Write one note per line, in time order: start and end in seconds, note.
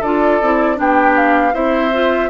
0.00 0.40 D4
0.00 0.43 F4
0.00 0.76 A4
0.00 0.79 D5
0.41 0.79 C4
0.41 0.76 E4
0.76 1.55 B3
0.76 1.52 D4
0.76 1.54 G4
0.76 1.17 G5
1.17 1.55 F5
1.53 2.30 C4
1.53 1.91 E4
1.53 2.30 C5
1.53 2.30 E5
1.94 2.30 F4